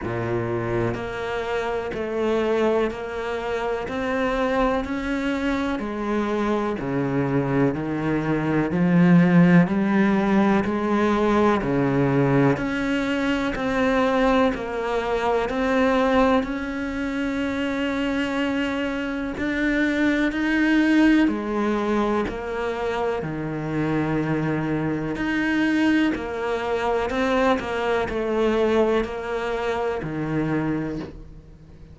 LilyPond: \new Staff \with { instrumentName = "cello" } { \time 4/4 \tempo 4 = 62 ais,4 ais4 a4 ais4 | c'4 cis'4 gis4 cis4 | dis4 f4 g4 gis4 | cis4 cis'4 c'4 ais4 |
c'4 cis'2. | d'4 dis'4 gis4 ais4 | dis2 dis'4 ais4 | c'8 ais8 a4 ais4 dis4 | }